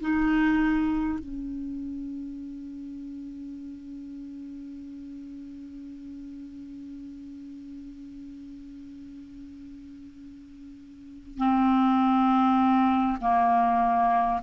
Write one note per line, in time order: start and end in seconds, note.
0.00 1.19 D#4
1.19 11.38 C#4
11.38 13.18 C4
13.21 14.41 A#3